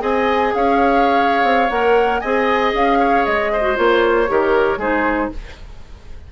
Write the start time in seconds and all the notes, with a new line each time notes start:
0.00 C4 G#4 D#5 G#5
0.55 C#4 C#5 F5
1.44 C4
1.70 A#3 A#4 F#5
2.20 C4 G#4 D#5 G#5
2.74 C#4 F5
3.00 C#5
3.26 G#3 D#5
3.53 C5
3.61 F#4
3.76 A#3 F4 C#5
4.28 D#3 G4 A#4
4.78 G#3 D#4 G#4 C5